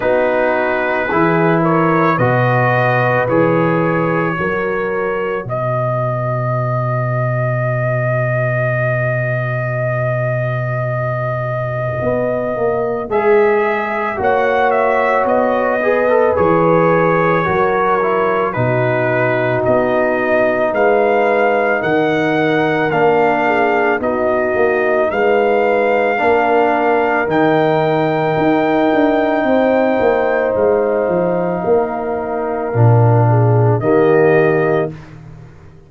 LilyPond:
<<
  \new Staff \with { instrumentName = "trumpet" } { \time 4/4 \tempo 4 = 55 b'4. cis''8 dis''4 cis''4~ | cis''4 dis''2.~ | dis''1 | e''4 fis''8 e''8 dis''4 cis''4~ |
cis''4 b'4 dis''4 f''4 | fis''4 f''4 dis''4 f''4~ | f''4 g''2. | f''2. dis''4 | }
  \new Staff \with { instrumentName = "horn" } { \time 4/4 fis'4 gis'8 ais'8 b'2 | ais'4 b'2.~ | b'1~ | b'4 cis''4. b'4. |
ais'4 fis'2 b'4 | ais'4. gis'8 fis'4 b'4 | ais'2. c''4~ | c''4 ais'4. gis'8 g'4 | }
  \new Staff \with { instrumentName = "trombone" } { \time 4/4 dis'4 e'4 fis'4 gis'4 | fis'1~ | fis'1 | gis'4 fis'4. gis'16 a'16 gis'4 |
fis'8 e'8 dis'2.~ | dis'4 d'4 dis'2 | d'4 dis'2.~ | dis'2 d'4 ais4 | }
  \new Staff \with { instrumentName = "tuba" } { \time 4/4 b4 e4 b,4 e4 | fis4 b,2.~ | b,2. b8 ais8 | gis4 ais4 b4 e4 |
fis4 b,4 b4 gis4 | dis4 ais4 b8 ais8 gis4 | ais4 dis4 dis'8 d'8 c'8 ais8 | gis8 f8 ais4 ais,4 dis4 | }
>>